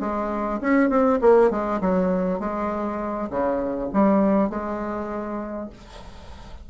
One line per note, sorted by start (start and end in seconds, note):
0.00 0.60 G#3
0.61 0.89 C#4
0.89 1.19 C4
1.21 1.51 A#3
1.51 1.81 G#3
1.81 2.40 F#3
2.40 3.30 G#3
3.30 3.90 C#3
3.93 4.50 G3
4.50 5.70 G#3